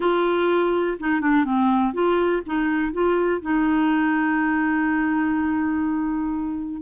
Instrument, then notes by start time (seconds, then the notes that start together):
clarinet
0.00 F4
0.99 D#4
1.21 D4
1.45 C4
1.93 F4
2.45 D#4
2.92 F4
3.41 D#4